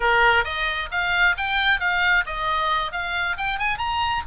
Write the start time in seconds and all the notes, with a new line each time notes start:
0.00 A#4
0.44 D#5
0.91 F5
1.37 G5
1.80 F5
2.26 D#5
2.91 F5
3.37 G5
3.58 G#5
3.78 A#5